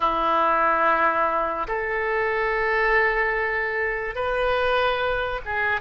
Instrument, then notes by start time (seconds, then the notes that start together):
oboe
0.00 E4
1.67 A4
4.15 B4
5.45 G#4